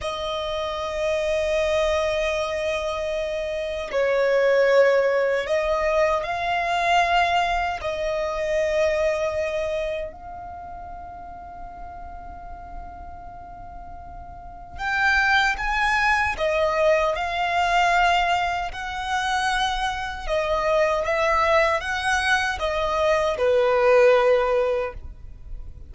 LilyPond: \new Staff \with { instrumentName = "violin" } { \time 4/4 \tempo 4 = 77 dis''1~ | dis''4 cis''2 dis''4 | f''2 dis''2~ | dis''4 f''2.~ |
f''2. g''4 | gis''4 dis''4 f''2 | fis''2 dis''4 e''4 | fis''4 dis''4 b'2 | }